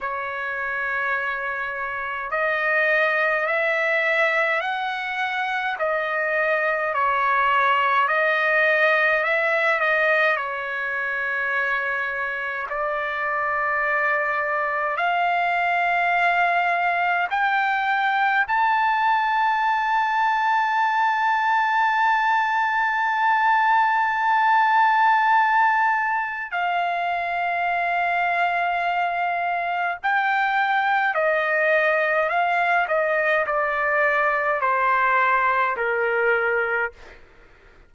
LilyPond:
\new Staff \with { instrumentName = "trumpet" } { \time 4/4 \tempo 4 = 52 cis''2 dis''4 e''4 | fis''4 dis''4 cis''4 dis''4 | e''8 dis''8 cis''2 d''4~ | d''4 f''2 g''4 |
a''1~ | a''2. f''4~ | f''2 g''4 dis''4 | f''8 dis''8 d''4 c''4 ais'4 | }